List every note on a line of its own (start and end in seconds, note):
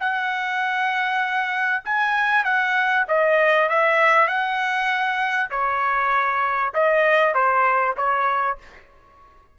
0.00 1.84 F#5
1.85 2.44 G#5
2.44 3.06 F#5
3.08 3.70 D#5
3.70 4.27 E5
4.27 5.50 F#5
5.51 6.73 C#5
6.74 7.35 D#5
7.35 7.96 C5
7.97 8.58 C#5